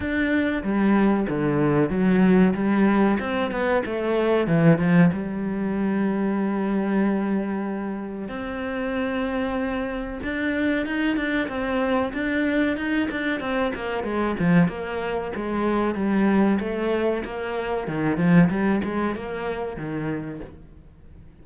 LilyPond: \new Staff \with { instrumentName = "cello" } { \time 4/4 \tempo 4 = 94 d'4 g4 d4 fis4 | g4 c'8 b8 a4 e8 f8 | g1~ | g4 c'2. |
d'4 dis'8 d'8 c'4 d'4 | dis'8 d'8 c'8 ais8 gis8 f8 ais4 | gis4 g4 a4 ais4 | dis8 f8 g8 gis8 ais4 dis4 | }